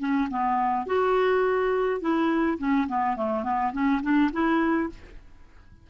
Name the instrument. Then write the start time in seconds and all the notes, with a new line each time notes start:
clarinet
0.00 C#4
0.30 B3
0.87 F#4
2.01 E4
2.59 C#4
2.88 B3
3.17 A3
3.44 B3
3.73 C#4
4.03 D4
4.33 E4